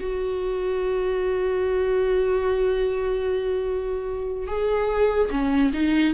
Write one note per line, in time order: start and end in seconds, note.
0.00 4.48 F#4
4.48 5.30 G#4
5.31 5.72 C#4
5.73 6.14 D#4